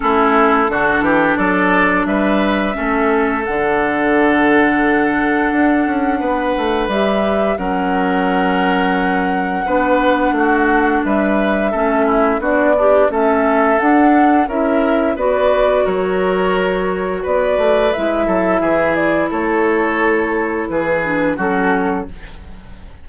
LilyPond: <<
  \new Staff \with { instrumentName = "flute" } { \time 4/4 \tempo 4 = 87 a'2 d''4 e''4~ | e''4 fis''2.~ | fis''2 e''4 fis''4~ | fis''1 |
e''2 d''4 e''4 | fis''4 e''4 d''4 cis''4~ | cis''4 d''4 e''4. d''8 | cis''2 b'4 a'4 | }
  \new Staff \with { instrumentName = "oboe" } { \time 4/4 e'4 fis'8 g'8 a'4 b'4 | a'1~ | a'4 b'2 ais'4~ | ais'2 b'4 fis'4 |
b'4 a'8 e'8 fis'8 d'8 a'4~ | a'4 ais'4 b'4 ais'4~ | ais'4 b'4. a'8 gis'4 | a'2 gis'4 fis'4 | }
  \new Staff \with { instrumentName = "clarinet" } { \time 4/4 cis'4 d'2. | cis'4 d'2.~ | d'2 g'4 cis'4~ | cis'2 d'2~ |
d'4 cis'4 d'8 g'8 cis'4 | d'4 e'4 fis'2~ | fis'2 e'2~ | e'2~ e'8 d'8 cis'4 | }
  \new Staff \with { instrumentName = "bassoon" } { \time 4/4 a4 d8 e8 fis4 g4 | a4 d2. | d'8 cis'8 b8 a8 g4 fis4~ | fis2 b4 a4 |
g4 a4 b4 a4 | d'4 cis'4 b4 fis4~ | fis4 b8 a8 gis8 fis8 e4 | a2 e4 fis4 | }
>>